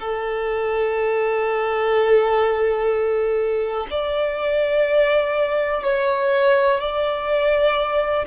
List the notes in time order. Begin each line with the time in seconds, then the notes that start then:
0.00 A4
3.91 D5
5.84 C#5
6.80 D5